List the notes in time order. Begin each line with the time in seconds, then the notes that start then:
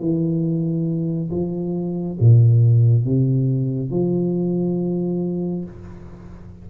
0.00 E3
1.31 F3
2.20 A#2
3.05 C3
3.91 F3